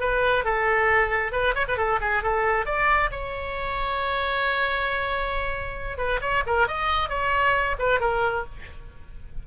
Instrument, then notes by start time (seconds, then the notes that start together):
oboe
0.00 B4
0.45 A4
1.32 B4
1.55 C#5
1.68 B4
1.77 A4
2.01 G#4
2.23 A4
2.66 D5
3.11 C#5
5.98 B4
6.21 C#5
6.46 A#4
6.67 D#5
7.09 C#5
7.79 B4
8.00 A#4